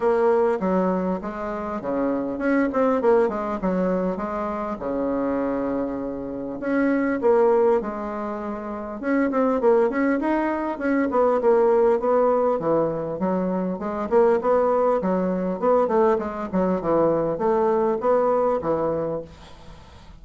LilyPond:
\new Staff \with { instrumentName = "bassoon" } { \time 4/4 \tempo 4 = 100 ais4 fis4 gis4 cis4 | cis'8 c'8 ais8 gis8 fis4 gis4 | cis2. cis'4 | ais4 gis2 cis'8 c'8 |
ais8 cis'8 dis'4 cis'8 b8 ais4 | b4 e4 fis4 gis8 ais8 | b4 fis4 b8 a8 gis8 fis8 | e4 a4 b4 e4 | }